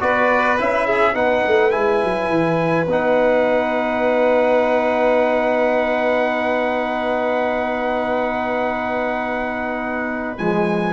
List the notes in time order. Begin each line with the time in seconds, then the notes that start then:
0.00 B3 F#4 B4 D5
0.58 C#4 E4 E5
0.87 G#4
1.14 B3 D#4 B4 F#5
1.47 A3
1.71 G#3 E4 G#5
2.04 F#3
2.29 E3
2.87 B3 D#4 F#5
10.38 F3 G#3 G#5